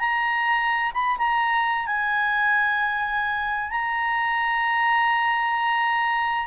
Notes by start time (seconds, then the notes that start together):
0.00 A#5
0.94 B5
1.18 A#5
1.87 G#5
3.70 A#5